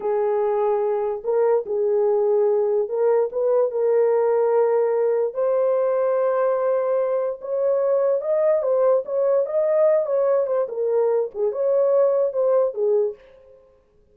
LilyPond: \new Staff \with { instrumentName = "horn" } { \time 4/4 \tempo 4 = 146 gis'2. ais'4 | gis'2. ais'4 | b'4 ais'2.~ | ais'4 c''2.~ |
c''2 cis''2 | dis''4 c''4 cis''4 dis''4~ | dis''8 cis''4 c''8 ais'4. gis'8 | cis''2 c''4 gis'4 | }